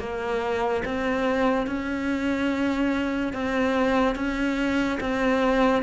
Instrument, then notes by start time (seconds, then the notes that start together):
cello
0.00 A#3
0.85 C4
1.67 C#4
3.33 C4
4.16 C#4
5.01 C4